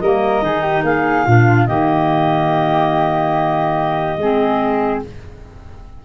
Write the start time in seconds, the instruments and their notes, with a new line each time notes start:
0.00 tuba G3, clarinet A#3 D#5, flute A#4
0.42 tuba D#3, clarinet D#4, flute G#4
0.62 flute G4
0.84 tuba A#3, flute G#4, clarinet F5
1.26 tuba A#2, clarinet D4, flute F4
1.66 tuba D#3, clarinet A#3 D#5, flute G4
4.18 tuba G#3, clarinet C4, flute G#4